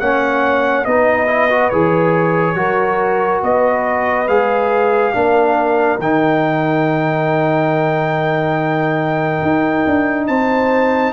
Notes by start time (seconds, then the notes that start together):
0.00 A#3 C#4 C#5 F#5
0.85 B3 D#4 B4 D#5
1.27 E4
1.50 F#4
1.70 E3 G#4 C#5
2.56 F#3 F#4 A#4
3.43 B3 B4 D#5
4.28 G#3 G#4 F5
5.14 A#3 D4 A#4
5.99 D#3 D#4 G5
9.42 D#4
9.87 D4
10.27 C4 C5 A5